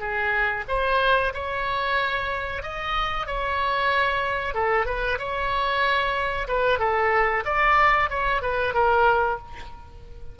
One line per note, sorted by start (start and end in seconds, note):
0.00 0.65 G#4
0.69 1.33 C5
1.34 2.63 C#5
2.63 3.27 D#5
3.27 4.55 C#5
4.55 4.87 A4
4.87 5.19 B4
5.19 6.48 C#5
6.48 6.80 B4
6.80 7.44 A4
7.46 8.10 D5
8.10 8.42 C#5
8.42 8.74 B4
8.74 9.39 A#4